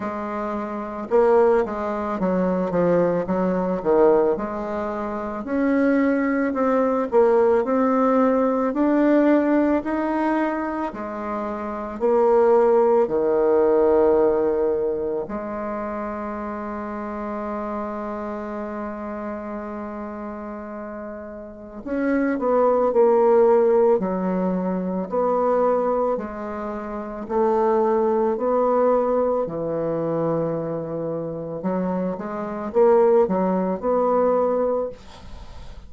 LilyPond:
\new Staff \with { instrumentName = "bassoon" } { \time 4/4 \tempo 4 = 55 gis4 ais8 gis8 fis8 f8 fis8 dis8 | gis4 cis'4 c'8 ais8 c'4 | d'4 dis'4 gis4 ais4 | dis2 gis2~ |
gis1 | cis'8 b8 ais4 fis4 b4 | gis4 a4 b4 e4~ | e4 fis8 gis8 ais8 fis8 b4 | }